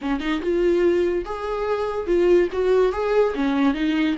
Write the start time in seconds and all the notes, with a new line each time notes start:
0.01 C#4
0.20 D#4
0.41 F4
1.25 G#4
2.06 F4
2.52 F#4
2.92 G#4
3.34 C#4
3.74 D#4